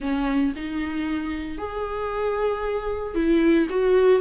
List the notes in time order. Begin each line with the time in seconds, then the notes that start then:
0.00 C#4
0.56 D#4
1.57 G#4
3.14 E4
3.69 F#4